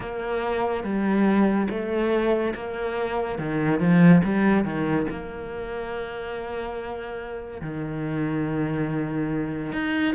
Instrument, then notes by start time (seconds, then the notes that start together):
cello
0.00 A#3
0.83 G3
1.69 A3
2.54 A#3
3.38 D#3
3.79 F3
4.23 G3
4.64 D#3
5.09 A#3
7.61 D#3
9.72 D#4